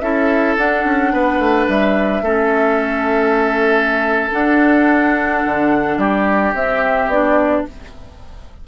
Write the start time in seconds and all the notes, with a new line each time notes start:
0.00 C#4 E4 A4 E5
0.58 D4 F#5
0.85 C#4
1.13 B3 B4
1.39 A3
1.68 G3 E5
2.22 A3 C#4 A4
4.32 D4 F#5
5.46 D3
5.98 G3 G4 D5
6.54 C4 E5
7.08 B3 D4 D5